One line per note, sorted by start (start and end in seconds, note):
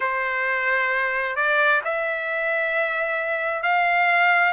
0.00 1.36 C5
1.36 1.81 D5
1.84 3.62 E5
3.62 4.52 F5